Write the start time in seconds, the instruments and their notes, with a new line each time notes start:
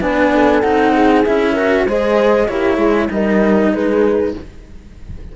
0.00 cello B3 D4, horn B4, flute G#5
0.33 horn A4
0.61 cello C4 D#4, flute F#5
0.94 horn G#4
1.25 cello C#4 E4, flute E5
1.53 cello F#4, horn A#4
1.86 cello G#3 G#4, horn C5, flute D#5
2.48 cello A#3 E4, horn G4, flute C#5
2.77 cello G#3, horn G#4
3.08 cello G3 D#4, horn A#4, flute D#5
3.72 cello G#3, horn G#4, flute B4